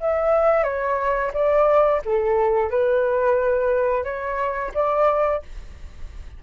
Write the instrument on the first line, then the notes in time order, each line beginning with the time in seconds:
flute
0.00 E5
0.63 C#5
1.33 D5
2.05 A4
2.70 B4
4.04 C#5
4.74 D5